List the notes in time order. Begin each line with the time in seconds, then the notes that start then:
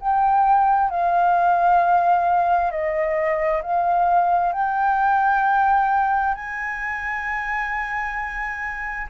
0.00 G5
0.90 F5
2.71 D#5
3.62 F5
4.53 G5
6.35 G#5